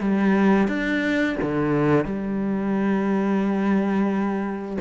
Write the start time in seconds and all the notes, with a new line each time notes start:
0.00 G3
0.67 D4
1.42 D3
2.05 G3